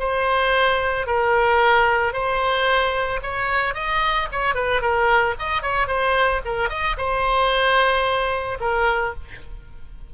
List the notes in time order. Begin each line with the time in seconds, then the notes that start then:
0.00 C5
1.07 A#4
2.14 C5
3.23 C#5
3.75 D#5
4.32 C#5
4.55 B4
4.82 A#4
5.40 D#5
5.62 C#5
5.88 C5
6.46 A#4
6.70 D#5
6.98 C5
8.61 A#4